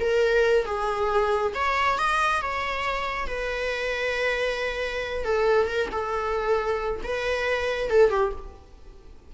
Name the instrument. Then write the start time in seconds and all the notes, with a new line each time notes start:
viola
0.00 A#4
0.65 G#4
1.55 C#5
1.98 D#5
2.41 C#5
3.27 B4
5.25 A4
5.67 A#4
5.92 A4
7.04 B4
7.90 A4
8.10 G4